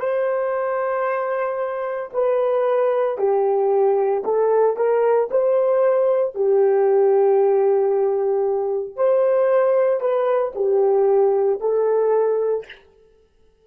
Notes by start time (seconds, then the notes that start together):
0.00 C5
2.13 B4
3.18 G4
4.24 A4
4.77 A#4
5.31 C5
6.35 G4
8.96 C5
10.00 B4
10.56 G4
11.61 A4